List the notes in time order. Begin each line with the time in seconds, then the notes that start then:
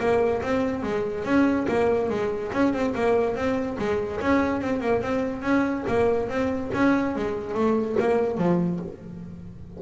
0.00 A#3
0.43 C4
0.83 G#3
1.25 C#4
1.68 A#3
2.10 G#3
2.53 C#4
2.73 C4
2.95 A#3
3.36 C4
3.79 G#3
4.21 C#4
4.62 C4
4.81 A#3
5.02 C4
5.42 C#4
5.88 A#3
6.30 C4
6.74 C#4
7.16 G#3
7.55 A3
8.00 A#3
8.38 F3